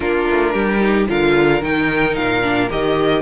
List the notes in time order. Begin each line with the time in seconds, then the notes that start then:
0.00 A#3 D4 F4 A#4
0.30 A3
0.53 G3 G4
0.80 D#4
1.07 D3 F4 A#4 F5
1.61 D#3 D#4 G5
2.15 A#2 F5
2.42 D4
2.69 D#3 G4 D#5